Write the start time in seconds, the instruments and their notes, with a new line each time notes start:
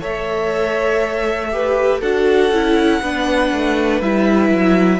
0.00 cello A3, viola A4, violin C#5 E5
1.51 viola G4, violin B4
2.00 cello D4, viola F#4, violin A4 F#5
2.50 cello C#4, viola E4
3.01 cello B3, viola D4, violin B4
3.52 cello A3
4.01 cello G3, viola E4, violin E5
4.49 cello F#3